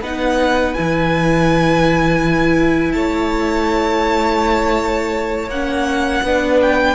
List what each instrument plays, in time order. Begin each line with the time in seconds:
0.00 cello B3, viola D#4, violin B4 F#5
0.74 cello E3, viola E4, violin G#5
2.92 cello A3, violin C#5 A5
5.47 cello A#3, viola C#4, violin F#5
6.22 cello B3, viola D4, violin B4
6.61 violin G5